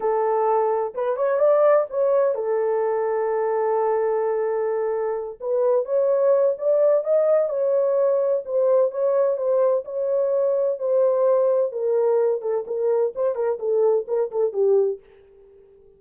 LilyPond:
\new Staff \with { instrumentName = "horn" } { \time 4/4 \tempo 4 = 128 a'2 b'8 cis''8 d''4 | cis''4 a'2.~ | a'2.~ a'8 b'8~ | b'8 cis''4. d''4 dis''4 |
cis''2 c''4 cis''4 | c''4 cis''2 c''4~ | c''4 ais'4. a'8 ais'4 | c''8 ais'8 a'4 ais'8 a'8 g'4 | }